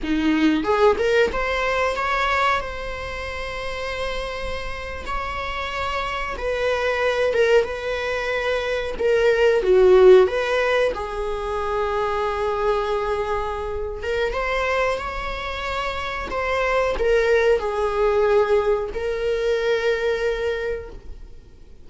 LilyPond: \new Staff \with { instrumentName = "viola" } { \time 4/4 \tempo 4 = 92 dis'4 gis'8 ais'8 c''4 cis''4 | c''2.~ c''8. cis''16~ | cis''4.~ cis''16 b'4. ais'8 b'16~ | b'4.~ b'16 ais'4 fis'4 b'16~ |
b'8. gis'2.~ gis'16~ | gis'4. ais'8 c''4 cis''4~ | cis''4 c''4 ais'4 gis'4~ | gis'4 ais'2. | }